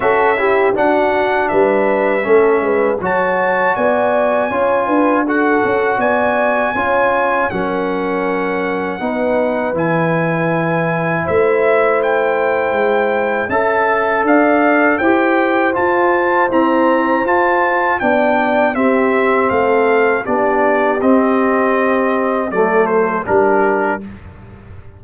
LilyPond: <<
  \new Staff \with { instrumentName = "trumpet" } { \time 4/4 \tempo 4 = 80 e''4 fis''4 e''2 | a''4 gis''2 fis''4 | gis''2 fis''2~ | fis''4 gis''2 e''4 |
g''2 a''4 f''4 | g''4 a''4 ais''4 a''4 | g''4 e''4 f''4 d''4 | dis''2 d''8 c''8 ais'4 | }
  \new Staff \with { instrumentName = "horn" } { \time 4/4 a'8 g'8 fis'4 b'4 a'8 b'8 | cis''4 d''4 cis''8 b'8 a'4 | d''4 cis''4 ais'2 | b'2. c''4~ |
c''2 e''4 d''4 | c''1 | d''4 g'4 a'4 g'4~ | g'2 a'4 g'4 | }
  \new Staff \with { instrumentName = "trombone" } { \time 4/4 fis'8 e'8 d'2 cis'4 | fis'2 f'4 fis'4~ | fis'4 f'4 cis'2 | dis'4 e'2.~ |
e'2 a'2 | g'4 f'4 c'4 f'4 | d'4 c'2 d'4 | c'2 a4 d'4 | }
  \new Staff \with { instrumentName = "tuba" } { \time 4/4 cis'4 d'4 g4 a8 gis8 | fis4 b4 cis'8 d'4 cis'8 | b4 cis'4 fis2 | b4 e2 a4~ |
a4 gis4 cis'4 d'4 | e'4 f'4 e'4 f'4 | b4 c'4 a4 b4 | c'2 fis4 g4 | }
>>